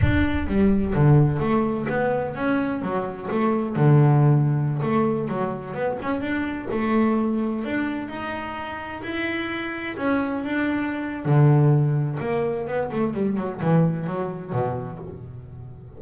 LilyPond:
\new Staff \with { instrumentName = "double bass" } { \time 4/4 \tempo 4 = 128 d'4 g4 d4 a4 | b4 cis'4 fis4 a4 | d2~ d16 a4 fis8.~ | fis16 b8 cis'8 d'4 a4.~ a16~ |
a16 d'4 dis'2 e'8.~ | e'4~ e'16 cis'4 d'4.~ d'16 | d2 ais4 b8 a8 | g8 fis8 e4 fis4 b,4 | }